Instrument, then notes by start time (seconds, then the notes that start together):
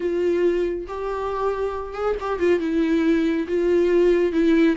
viola
0.00 F4
0.87 G4
1.93 G#4
2.20 G4
2.39 F4
2.59 E4
3.47 F4
4.32 E4